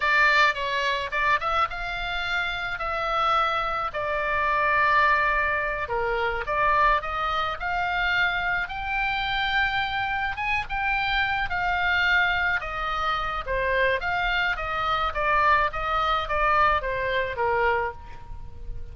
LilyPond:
\new Staff \with { instrumentName = "oboe" } { \time 4/4 \tempo 4 = 107 d''4 cis''4 d''8 e''8 f''4~ | f''4 e''2 d''4~ | d''2~ d''8 ais'4 d''8~ | d''8 dis''4 f''2 g''8~ |
g''2~ g''8 gis''8 g''4~ | g''8 f''2 dis''4. | c''4 f''4 dis''4 d''4 | dis''4 d''4 c''4 ais'4 | }